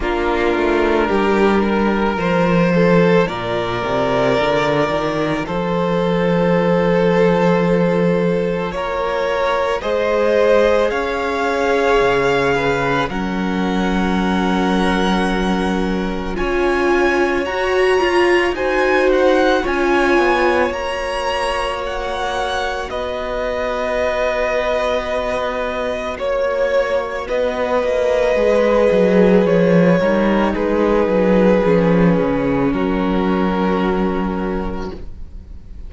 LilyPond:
<<
  \new Staff \with { instrumentName = "violin" } { \time 4/4 \tempo 4 = 55 ais'2 c''4 d''4~ | d''4 c''2. | cis''4 dis''4 f''2 | fis''2. gis''4 |
ais''4 gis''8 fis''8 gis''4 ais''4 | fis''4 dis''2. | cis''4 dis''2 cis''4 | b'2 ais'2 | }
  \new Staff \with { instrumentName = "violin" } { \time 4/4 f'4 g'8 ais'4 a'8 ais'4~ | ais'4 a'2. | ais'4 c''4 cis''4. b'8 | ais'2. cis''4~ |
cis''4 c''4 cis''2~ | cis''4 b'2. | cis''4 b'2~ b'8 ais'8 | gis'2 fis'2 | }
  \new Staff \with { instrumentName = "viola" } { \time 4/4 d'2 f'2~ | f'1~ | f'4 gis'2. | cis'2. f'4 |
fis'8 f'8 fis'4 f'4 fis'4~ | fis'1~ | fis'2 gis'4. dis'8~ | dis'4 cis'2. | }
  \new Staff \with { instrumentName = "cello" } { \time 4/4 ais8 a8 g4 f4 ais,8 c8 | d8 dis8 f2. | ais4 gis4 cis'4 cis4 | fis2. cis'4 |
fis'8 f'8 dis'4 cis'8 b8 ais4~ | ais4 b2. | ais4 b8 ais8 gis8 fis8 f8 g8 | gis8 fis8 f8 cis8 fis2 | }
>>